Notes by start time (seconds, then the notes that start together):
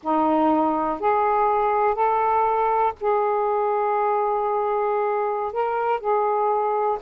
0.02 D#4
0.99 G#4
1.94 A4
3.00 G#4
5.52 A#4
6.00 G#4